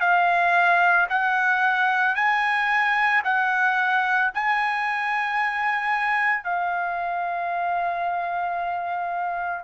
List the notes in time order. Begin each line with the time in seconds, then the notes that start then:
0.00 F5
1.10 F#5
2.15 G#5
3.24 F#5
4.34 G#5
6.44 F5